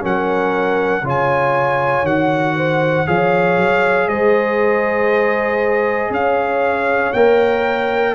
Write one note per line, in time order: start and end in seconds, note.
0.00 1.02 F#3
0.00 1.02 C#4
0.00 1.03 A#4
0.00 1.07 F#5
1.02 2.03 C#3
1.02 2.05 F4
1.02 2.56 C#5
1.08 2.06 G#5
2.03 3.04 D#3
2.03 3.06 F#4
2.03 3.07 F#5
2.56 3.07 C5
3.06 3.57 F3
3.06 7.13 G#4
3.06 4.08 C#5
3.06 4.08 F5
3.57 4.07 F#3
4.07 6.10 G#3
4.07 6.12 C5
4.07 6.12 D#5
6.10 7.11 C#4
6.10 8.15 C#5
6.10 7.13 F5
7.13 8.15 A#3
7.13 8.15 A#4
7.13 8.14 G5